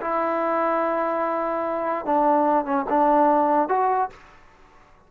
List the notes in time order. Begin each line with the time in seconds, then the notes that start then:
0.00 E4
2.05 D4
2.65 C#4
2.89 D4
3.68 F#4